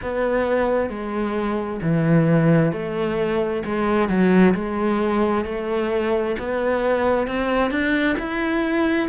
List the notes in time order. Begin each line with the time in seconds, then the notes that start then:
0.02 B3
0.89 G#3
1.82 E3
2.72 A3
3.65 G#3
4.08 F#3
4.54 G#3
5.45 A3
6.38 B3
7.27 C4
7.70 D4
8.18 E4